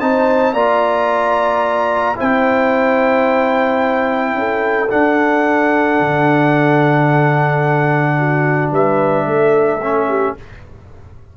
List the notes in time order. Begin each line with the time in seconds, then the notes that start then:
0.00 C4 D#4 C5 A5
0.53 A#3 F4 D5 A#5
2.16 C4 E4 C5 G5
4.35 C#4 A4
4.90 D4 F#5
6.01 D3
8.19 F#4
8.72 G3 B4 E5
9.26 A3 A4
9.83 C#4
10.09 G4